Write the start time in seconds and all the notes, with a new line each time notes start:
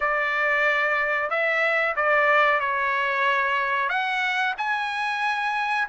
0.00 D5
1.30 E5
1.96 D5
2.60 C#5
3.89 F#5
4.57 G#5